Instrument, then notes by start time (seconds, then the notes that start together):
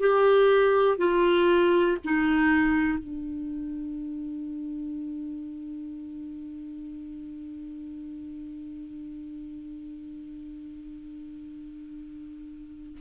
clarinet
0.00 G4
0.98 F4
2.05 D#4
2.98 D4